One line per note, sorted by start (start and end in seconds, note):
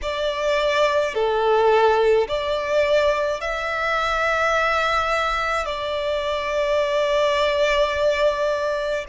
0.02 1.14 D5
1.14 2.27 A4
2.27 3.40 D5
3.40 5.65 E5
5.65 9.05 D5